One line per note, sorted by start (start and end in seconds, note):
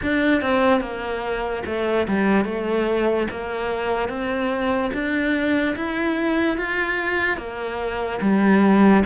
0.02 0.41 D4
0.41 0.80 C4
0.80 1.63 A#3
1.66 2.07 A3
2.07 2.44 G3
2.44 3.27 A3
3.31 4.08 A#3
4.08 4.91 C4
4.93 5.75 D4
5.75 6.57 E4
6.57 7.37 F4
7.37 8.19 A#3
8.21 9.03 G3